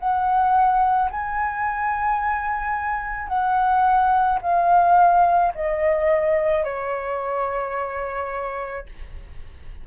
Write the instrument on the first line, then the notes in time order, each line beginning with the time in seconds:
flute
0.00 F#5
1.11 G#5
3.28 F#5
4.42 F5
5.55 D#5
6.64 C#5